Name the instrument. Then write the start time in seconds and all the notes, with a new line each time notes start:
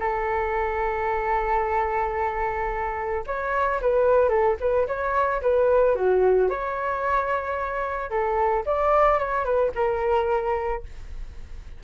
flute
0.00 A4
3.27 C#5
3.82 B4
4.29 A4
4.60 B4
4.87 C#5
5.42 B4
5.96 F#4
6.49 C#5
8.10 A4
8.66 D5
9.19 C#5
9.45 B4
9.75 A#4